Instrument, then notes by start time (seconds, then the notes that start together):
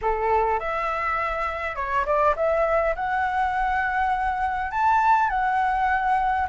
flute
0.01 A4
0.59 E5
1.75 C#5
2.05 D5
2.36 E5
2.95 F#5
4.71 A5
5.29 F#5